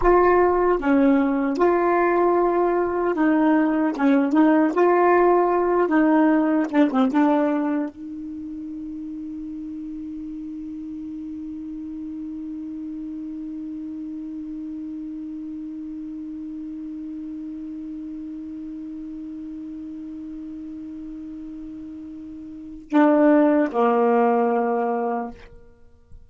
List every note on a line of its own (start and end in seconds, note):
0.01 0.78 F4
0.78 1.57 C#4
1.57 3.14 F4
3.14 3.93 D#4
3.96 4.32 C#4
4.32 4.72 D#4
4.74 5.88 F4
5.88 6.67 D#4
6.70 6.90 D4
6.91 7.11 C4
7.12 7.89 D4
7.89 22.89 D#4
22.90 23.69 D4
23.72 25.30 A#3